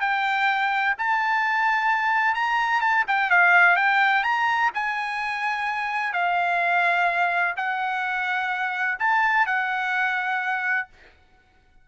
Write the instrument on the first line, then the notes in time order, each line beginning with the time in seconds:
trumpet
0.00 G5
0.98 A5
2.34 A#5
2.80 A5
3.07 G5
3.30 F5
3.76 G5
4.23 A#5
4.74 G#5
6.13 F5
7.56 F#5
8.98 A5
9.46 F#5